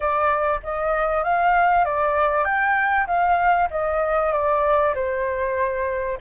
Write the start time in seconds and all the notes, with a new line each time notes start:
0.00 D5
0.63 D#5
1.23 F5
1.84 D5
2.44 G5
3.06 F5
3.70 D#5
4.32 D5
4.94 C5